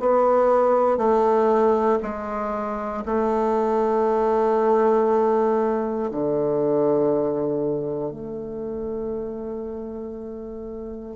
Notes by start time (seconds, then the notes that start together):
0.00 B3
0.98 A3
2.02 G#3
3.06 A3
6.11 D3
8.11 A3